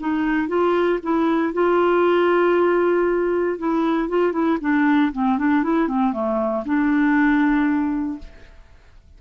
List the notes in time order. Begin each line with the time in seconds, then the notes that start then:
0.00 D#4
0.48 F4
1.03 E4
1.53 F4
3.58 E4
4.09 F4
4.32 E4
4.61 D4
5.12 C4
5.38 D4
5.63 E4
5.88 C4
6.13 A3
6.65 D4